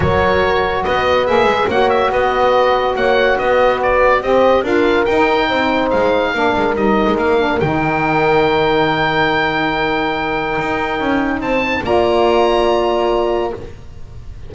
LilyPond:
<<
  \new Staff \with { instrumentName = "oboe" } { \time 4/4 \tempo 4 = 142 cis''2 dis''4 e''4 | fis''8 e''8 dis''2 fis''4 | dis''4 d''4 dis''4 f''4 | g''2 f''2 |
dis''4 f''4 g''2~ | g''1~ | g''2. a''4 | ais''1 | }
  \new Staff \with { instrumentName = "horn" } { \time 4/4 ais'2 b'2 | cis''4 b'2 cis''4 | b'2 c''4 ais'4~ | ais'4 c''2 ais'4~ |
ais'1~ | ais'1~ | ais'2. c''4 | d''1 | }
  \new Staff \with { instrumentName = "saxophone" } { \time 4/4 fis'2. gis'4 | fis'1~ | fis'2 g'4 f'4 | dis'2. d'4 |
dis'4. d'8 dis'2~ | dis'1~ | dis'1 | f'1 | }
  \new Staff \with { instrumentName = "double bass" } { \time 4/4 fis2 b4 ais8 gis8 | ais4 b2 ais4 | b2 c'4 d'4 | dis'4 c'4 gis4 ais8 gis8 |
g8. gis16 ais4 dis2~ | dis1~ | dis4 dis'4 cis'4 c'4 | ais1 | }
>>